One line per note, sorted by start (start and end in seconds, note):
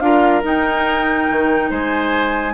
0.00 0.43 D4
0.00 0.43 F4
0.00 1.70 A#4
0.00 0.42 F5
0.43 2.54 D#4
0.43 1.29 D#4
0.43 1.72 G5
1.30 1.71 D#3
1.70 2.54 G#3
1.70 2.54 C5
1.70 2.54 G#5